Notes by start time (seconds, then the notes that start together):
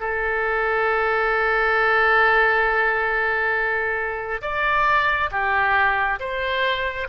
0.00 A4
4.42 D5
5.31 G4
6.20 C5